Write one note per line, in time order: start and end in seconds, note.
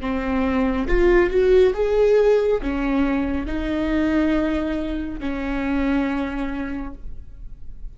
0.00 0.87 C4
0.87 1.30 F4
1.30 1.73 F#4
1.74 2.60 G#4
2.61 3.46 C#4
3.46 5.20 D#4
5.20 6.94 C#4